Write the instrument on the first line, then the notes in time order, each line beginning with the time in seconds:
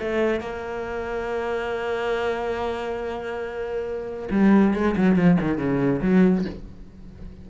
cello
0.00 A3
0.40 A#3
4.31 G3
4.74 G#3
4.97 F#3
5.16 F3
5.41 D#3
5.58 C#3
6.02 F#3